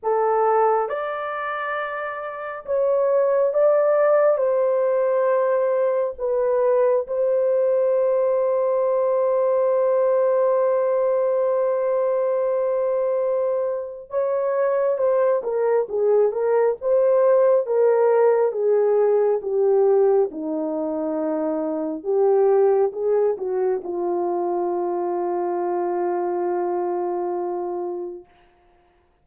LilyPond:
\new Staff \with { instrumentName = "horn" } { \time 4/4 \tempo 4 = 68 a'4 d''2 cis''4 | d''4 c''2 b'4 | c''1~ | c''1 |
cis''4 c''8 ais'8 gis'8 ais'8 c''4 | ais'4 gis'4 g'4 dis'4~ | dis'4 g'4 gis'8 fis'8 f'4~ | f'1 | }